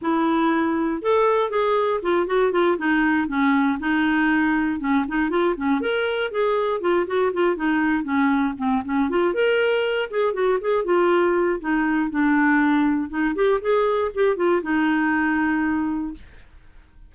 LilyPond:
\new Staff \with { instrumentName = "clarinet" } { \time 4/4 \tempo 4 = 119 e'2 a'4 gis'4 | f'8 fis'8 f'8 dis'4 cis'4 dis'8~ | dis'4. cis'8 dis'8 f'8 cis'8 ais'8~ | ais'8 gis'4 f'8 fis'8 f'8 dis'4 |
cis'4 c'8 cis'8 f'8 ais'4. | gis'8 fis'8 gis'8 f'4. dis'4 | d'2 dis'8 g'8 gis'4 | g'8 f'8 dis'2. | }